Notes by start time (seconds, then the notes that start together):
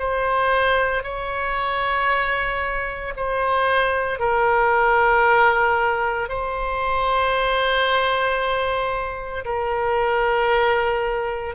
0.00 C5
1.04 C#5
3.17 C5
4.20 A#4
6.29 C5
9.45 A#4